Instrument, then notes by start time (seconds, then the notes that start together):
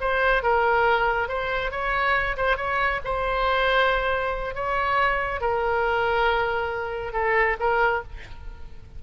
oboe
0.00 C5
0.42 A#4
1.28 C5
1.71 C#5
2.37 C5
2.57 C#5
3.04 C5
4.54 C#5
5.41 A#4
7.12 A4
7.59 A#4